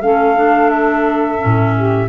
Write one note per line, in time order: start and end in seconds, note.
0.00 1.40 A3
0.00 0.36 C#4
0.00 1.76 A4
0.00 0.70 F5
0.36 1.39 D4
0.70 2.09 E5
1.39 2.08 C#4
1.45 2.09 A2
1.76 2.09 G4